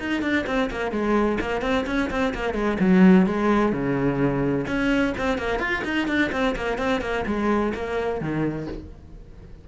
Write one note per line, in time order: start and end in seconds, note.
0.00 0.22 D#4
0.22 0.45 D4
0.46 0.70 C4
0.71 0.92 A#3
0.92 1.39 G#3
1.41 1.62 A#3
1.62 1.85 C4
1.87 2.10 C#4
2.10 2.34 C4
2.34 2.54 A#3
2.54 2.78 G#3
2.80 3.27 F#3
3.27 3.72 G#3
3.72 4.66 C#3
4.67 5.14 C#4
5.18 5.38 C4
5.38 5.60 A#3
5.60 5.83 F4
5.85 6.08 D#4
6.08 6.31 D4
6.32 6.56 C4
6.56 6.78 A#3
6.78 7.01 C4
7.01 7.25 A#3
7.26 7.73 G#3
7.75 8.21 A#3
8.21 8.68 D#3